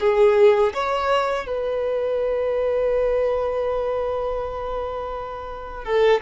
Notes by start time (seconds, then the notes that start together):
0.00 G#4
0.74 C#5
1.47 B4
5.85 A4